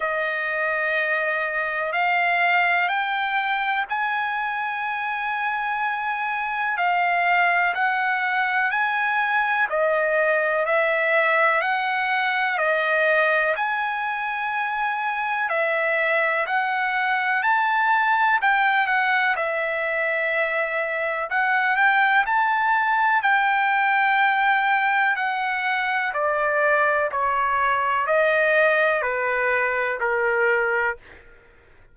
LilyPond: \new Staff \with { instrumentName = "trumpet" } { \time 4/4 \tempo 4 = 62 dis''2 f''4 g''4 | gis''2. f''4 | fis''4 gis''4 dis''4 e''4 | fis''4 dis''4 gis''2 |
e''4 fis''4 a''4 g''8 fis''8 | e''2 fis''8 g''8 a''4 | g''2 fis''4 d''4 | cis''4 dis''4 b'4 ais'4 | }